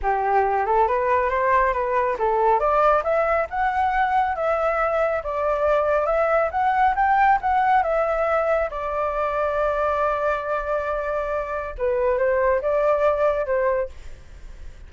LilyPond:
\new Staff \with { instrumentName = "flute" } { \time 4/4 \tempo 4 = 138 g'4. a'8 b'4 c''4 | b'4 a'4 d''4 e''4 | fis''2 e''2 | d''2 e''4 fis''4 |
g''4 fis''4 e''2 | d''1~ | d''2. b'4 | c''4 d''2 c''4 | }